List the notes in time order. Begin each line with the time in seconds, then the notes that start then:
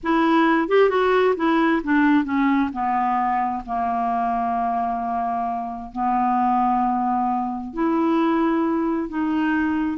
0.03 E4
0.68 G4
0.89 F#4
1.36 E4
1.83 D4
2.24 C#4
2.73 B3
3.66 A#3
5.92 B3
7.73 E4
9.08 D#4